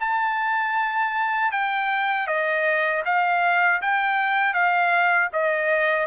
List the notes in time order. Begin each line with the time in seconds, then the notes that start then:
0.00 A5
1.52 G5
2.27 D#5
3.05 F5
3.81 G5
4.53 F5
5.33 D#5